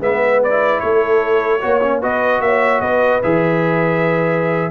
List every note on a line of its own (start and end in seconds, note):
0.00 0.81 G#3
0.00 0.49 B3
0.00 0.83 B4
0.00 0.43 E5
0.44 1.60 E4
0.44 0.80 D5
0.80 1.63 A3
0.80 1.62 A4
0.80 2.01 C#5
1.61 2.04 A#3
1.61 1.81 F#4
1.61 2.01 C#5
1.82 2.02 C#4
2.01 2.40 B3
2.01 3.23 F#4
2.01 2.41 B4
2.01 2.42 D#5
2.40 2.81 A#3
2.40 2.82 C#5
2.40 2.81 E5
2.81 3.21 B3
2.81 4.71 B4
2.81 3.21 D#5
3.23 4.71 E3
3.23 4.71 G#4
3.23 4.71 E5